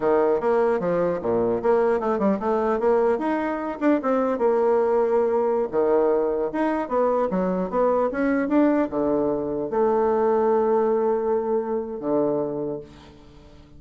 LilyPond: \new Staff \with { instrumentName = "bassoon" } { \time 4/4 \tempo 4 = 150 dis4 ais4 f4 ais,4 | ais4 a8 g8 a4 ais4 | dis'4. d'8 c'4 ais4~ | ais2~ ais16 dis4.~ dis16~ |
dis16 dis'4 b4 fis4 b8.~ | b16 cis'4 d'4 d4.~ d16~ | d16 a2.~ a8.~ | a2 d2 | }